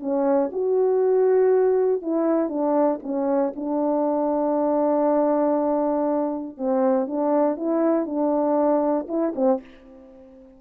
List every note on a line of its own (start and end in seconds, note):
0.00 0.50 C#4
0.52 2.02 F#4
2.02 2.49 E4
2.49 3.00 D4
3.03 3.53 C#4
3.56 6.58 D4
6.58 7.07 C4
7.07 7.57 D4
7.57 8.06 E4
8.06 9.07 D4
9.08 9.33 E4
9.36 9.61 C4